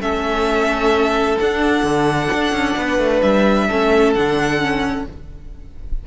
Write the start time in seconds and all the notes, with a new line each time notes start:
0.00 A3 C#4 A4 E5
1.39 D4 F#5
1.83 D3
2.34 D4
2.52 C#4
2.76 B3 B4
2.98 A3
3.21 G3 E5
3.67 A3 C#4 A4
4.14 D3 D4 F#5
4.60 C#4